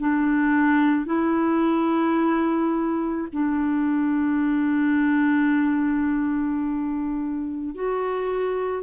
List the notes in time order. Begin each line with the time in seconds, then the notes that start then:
0.00 D4
1.06 E4
3.33 D4
7.75 F#4